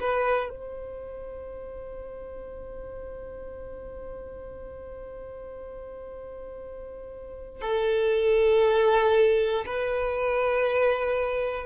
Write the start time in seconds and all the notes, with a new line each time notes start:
0.00 B4
0.49 C5
7.61 A4
9.66 B4